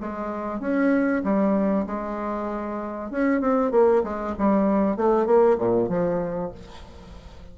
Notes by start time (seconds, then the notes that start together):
0.00 G#3
0.60 C#4
1.23 G3
1.86 G#3
3.10 C#4
3.40 C4
3.71 A#3
4.03 G#3
4.38 G3
4.96 A3
5.26 A#3
5.58 A#2
5.88 F3